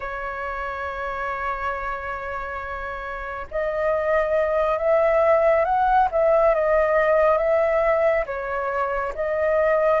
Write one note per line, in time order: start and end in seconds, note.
0.00 3.47 C#5
3.50 4.77 D#5
4.77 5.64 E5
5.64 6.08 F#5
6.11 6.54 E5
6.54 7.37 D#5
7.37 8.24 E5
8.26 9.13 C#5
9.15 10.00 D#5